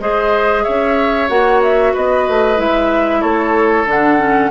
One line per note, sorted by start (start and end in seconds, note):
0.00 0.65 G#3
0.00 1.29 G#4
0.00 0.64 C5
0.00 0.64 D#5
0.64 1.29 C#4
0.64 1.93 C#5
0.64 1.28 E5
1.29 1.94 A#3
1.29 2.56 F#4
1.29 1.61 F#5
1.63 1.95 E5
1.93 2.28 B3
1.93 3.20 B4
1.93 2.60 D#5
2.28 2.58 A3
2.56 3.23 G#3
2.56 3.85 E4
2.56 3.21 E5
3.20 3.85 A3
3.20 4.49 A4
3.20 3.86 C#5
3.85 4.49 D3
3.85 4.18 D4
3.85 4.50 F#5
4.18 4.50 C#4